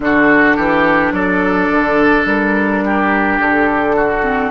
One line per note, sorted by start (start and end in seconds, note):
0.00 0.57 D3
0.00 4.22 D4
0.00 0.56 F#4
0.00 1.12 A4
0.56 1.12 E3
0.56 1.12 G4
1.12 1.68 F#3
1.12 2.84 A4
1.12 2.25 D5
1.71 2.25 D3
2.25 3.38 G3
2.25 3.39 A#4
2.84 3.96 G4
3.39 4.51 D3
3.39 4.51 A4
3.96 4.51 F#4
4.22 4.51 C4